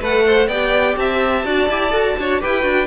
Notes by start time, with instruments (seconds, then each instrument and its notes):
0.00 cello A3, viola A4, violin B4 F#5
0.27 violin C5
0.47 cello B3, viola G4, violin D5 G5
0.97 cello C4, violin E5 A5
1.44 cello D4, viola F#4, violin D5
1.69 cello E4, viola G4
1.90 cello F#4, viola A4
2.19 cello D4, viola F#4, violin C#5
2.40 cello E4, viola G4, violin B4 G5
2.62 cello D4, viola F#4